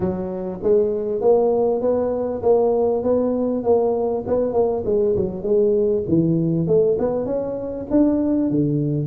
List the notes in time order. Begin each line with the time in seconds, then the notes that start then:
0.00 F#3
0.63 G#3
1.21 A#3
1.81 B3
2.42 A#3
3.03 B3
3.63 A#3
4.26 B3
4.53 A#3
4.85 G#3
5.16 F#3
5.42 G#3
6.08 E3
6.67 A3
6.98 B3
7.25 C#4
7.90 D4
8.50 D3